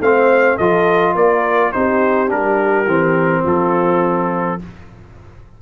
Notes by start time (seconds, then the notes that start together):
0.00 A3 C4 C5 F5
0.57 F3 F4 A4 D#5
1.15 A#3 A#4 D5
1.72 C4 D#4 G4 C5
2.27 G3 D4 A#4
2.86 E3 C4
3.42 F3 F4 A4